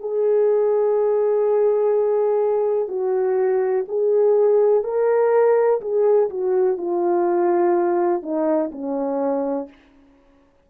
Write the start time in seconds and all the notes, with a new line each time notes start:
0.00 G#4
2.89 F#4
3.89 G#4
4.84 A#4
5.82 G#4
6.30 F#4
6.78 F4
8.23 D#4
8.72 C#4